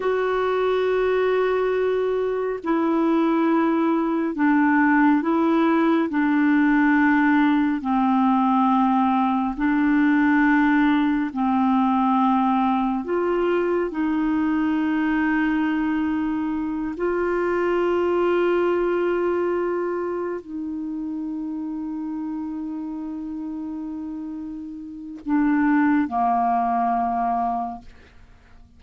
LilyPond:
\new Staff \with { instrumentName = "clarinet" } { \time 4/4 \tempo 4 = 69 fis'2. e'4~ | e'4 d'4 e'4 d'4~ | d'4 c'2 d'4~ | d'4 c'2 f'4 |
dis'2.~ dis'8 f'8~ | f'2.~ f'8 dis'8~ | dis'1~ | dis'4 d'4 ais2 | }